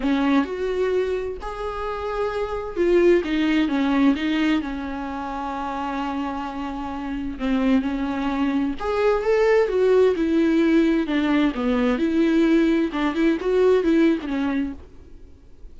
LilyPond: \new Staff \with { instrumentName = "viola" } { \time 4/4 \tempo 4 = 130 cis'4 fis'2 gis'4~ | gis'2 f'4 dis'4 | cis'4 dis'4 cis'2~ | cis'1 |
c'4 cis'2 gis'4 | a'4 fis'4 e'2 | d'4 b4 e'2 | d'8 e'8 fis'4 e'8. d'16 cis'4 | }